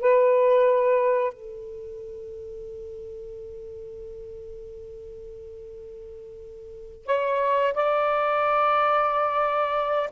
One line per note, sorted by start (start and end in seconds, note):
0.00 1.33 B4
1.33 7.06 A4
7.06 7.73 C#5
7.74 10.10 D5